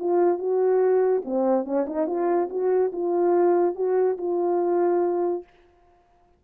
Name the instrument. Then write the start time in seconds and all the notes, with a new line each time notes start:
horn
0.00 F4
0.39 F#4
1.25 C4
1.65 C#4
1.87 D#4
2.08 F4
2.50 F#4
2.93 F4
3.76 F#4
4.18 F4